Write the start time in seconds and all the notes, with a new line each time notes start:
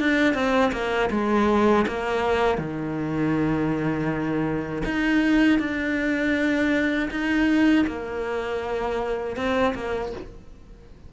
0.00 D4
0.34 C4
0.72 A#3
1.10 G#3
1.88 A#3
2.58 D#3
4.85 D#4
5.59 D4
7.11 D#4
7.87 A#3
9.36 C4
9.75 A#3